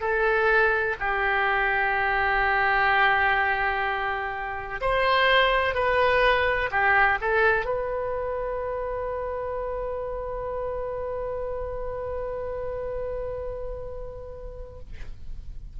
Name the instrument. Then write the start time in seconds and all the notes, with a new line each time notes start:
oboe
0.00 A4
1.00 G4
4.81 C5
5.74 B4
6.71 G4
7.21 A4
7.65 B4